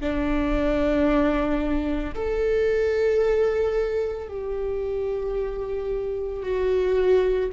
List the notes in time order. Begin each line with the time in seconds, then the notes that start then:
0.00 D4
2.15 A4
4.29 G4
6.43 F#4